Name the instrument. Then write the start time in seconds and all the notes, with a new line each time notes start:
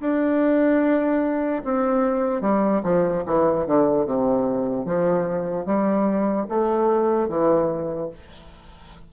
bassoon
0.00 D4
1.64 C4
2.41 G3
2.83 F3
3.26 E3
3.66 D3
4.05 C3
4.85 F3
5.65 G3
6.49 A3
7.28 E3